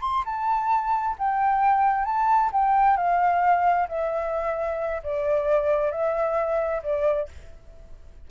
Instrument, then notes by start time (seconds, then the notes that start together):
flute
0.00 C6
0.25 A5
1.18 G5
2.05 A5
2.52 G5
2.96 F5
3.88 E5
5.03 D5
5.91 E5
6.82 D5